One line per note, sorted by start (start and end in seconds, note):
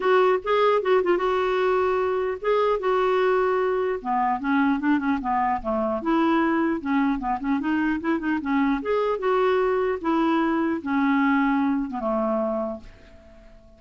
0.00 0.39 F#4
0.44 0.82 G#4
0.82 1.02 F#4
1.03 1.17 F4
1.17 2.37 F#4
2.41 2.79 G#4
2.79 3.99 F#4
4.01 4.40 B3
4.40 4.79 C#4
4.79 4.98 D4
4.98 5.18 C#4
5.21 5.61 B3
5.61 6.01 A3
6.02 6.80 E4
6.80 7.18 C#4
7.18 7.38 B3
7.40 7.60 C#4
7.60 8.00 D#4
8.00 8.19 E4
8.19 8.39 D#4
8.41 8.81 C#4
8.81 9.18 G#4
9.18 9.98 F#4
10.01 10.81 E4
10.81 11.90 C#4
11.90 12.00 B3
12.00 12.80 A3